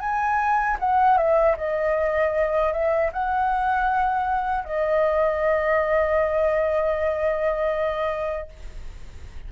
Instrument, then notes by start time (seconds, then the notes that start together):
flute
0.00 G#5
0.80 F#5
1.17 E5
1.57 D#5
2.73 E5
3.13 F#5
4.64 D#5